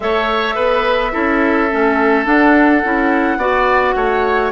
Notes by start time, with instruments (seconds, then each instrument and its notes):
0.00 bassoon A3, clarinet A4, oboe C#5, flute E5
0.55 bassoon B3, oboe B4
1.12 bassoon C#4, clarinet E4, oboe A4
1.71 bassoon A3, clarinet C#4
2.24 clarinet D4, bassoon D4, flute F#5
2.84 bassoon C#4, clarinet E4
3.37 bassoon B3, clarinet F#4, oboe D5
3.95 bassoon A3, oboe C#5